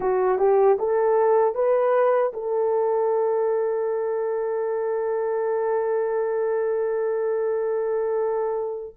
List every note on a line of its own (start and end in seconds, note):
0.00 0.38 F#4
0.38 0.77 G4
0.79 1.54 A4
1.54 2.32 B4
2.33 8.95 A4